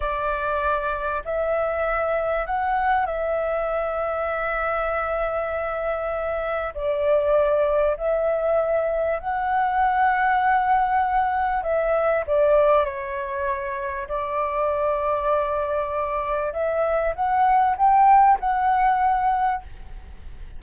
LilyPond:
\new Staff \with { instrumentName = "flute" } { \time 4/4 \tempo 4 = 98 d''2 e''2 | fis''4 e''2.~ | e''2. d''4~ | d''4 e''2 fis''4~ |
fis''2. e''4 | d''4 cis''2 d''4~ | d''2. e''4 | fis''4 g''4 fis''2 | }